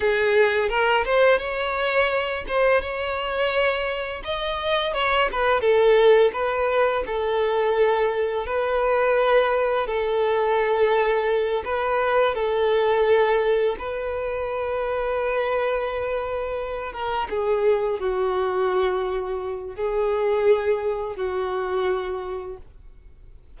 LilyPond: \new Staff \with { instrumentName = "violin" } { \time 4/4 \tempo 4 = 85 gis'4 ais'8 c''8 cis''4. c''8 | cis''2 dis''4 cis''8 b'8 | a'4 b'4 a'2 | b'2 a'2~ |
a'8 b'4 a'2 b'8~ | b'1 | ais'8 gis'4 fis'2~ fis'8 | gis'2 fis'2 | }